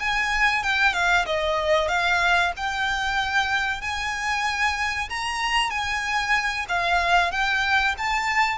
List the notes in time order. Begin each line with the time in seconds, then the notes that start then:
0.00 G#5
0.64 G5
0.94 F5
1.26 D#5
1.89 F5
2.57 G5
3.82 G#5
5.10 A#5
5.71 G#5
6.69 F5
7.32 G5
7.98 A5